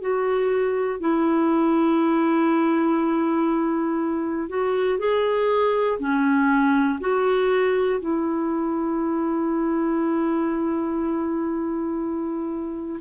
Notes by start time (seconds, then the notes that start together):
0.00 F#4
1.00 E4
4.49 F#4
4.99 G#4
5.99 C#4
7.00 F#4
8.00 E4